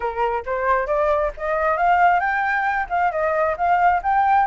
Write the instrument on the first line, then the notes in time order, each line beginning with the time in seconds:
flute
0.00 A#4
0.45 C5
0.86 D5
1.37 D#5
1.77 F5
2.20 G5
2.89 F5
3.11 D#5
3.57 F5
4.02 G5